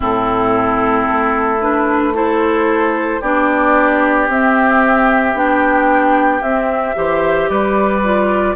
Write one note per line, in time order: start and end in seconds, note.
0.00 1.08 A2
0.00 1.59 C4
0.00 2.13 E4
0.00 1.61 A4
1.08 3.21 A3
1.60 2.13 D4
1.60 2.14 B4
2.13 3.20 E4
2.13 3.20 A4
2.13 3.22 C5
3.20 4.27 B3
3.20 4.29 D4
3.20 6.95 G4
3.20 4.29 D5
4.27 5.33 C4
4.27 5.34 C4
4.27 5.37 E5
5.33 6.41 B3
5.33 6.41 D4
5.33 6.42 G5
6.42 6.95 C4
6.42 7.49 E5
6.95 7.49 E3
6.95 8.02 G4
6.95 7.50 C5
7.49 8.55 G3
7.49 8.55 B4
7.49 8.55 D5
8.04 8.55 F4